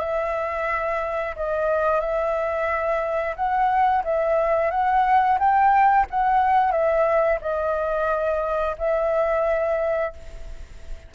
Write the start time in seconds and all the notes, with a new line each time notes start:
0.00 E5
1.36 D#5
2.00 E5
3.36 F#5
4.04 E5
4.71 F#5
5.39 G5
6.10 F#5
6.71 E5
7.41 D#5
8.78 E5